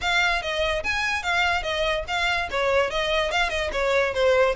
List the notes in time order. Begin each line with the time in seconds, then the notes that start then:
0.01 F5
0.42 D#5
0.83 G#5
1.22 F5
1.62 D#5
2.07 F5
2.50 C#5
2.90 D#5
3.31 F5
3.49 D#5
3.72 C#5
4.13 C5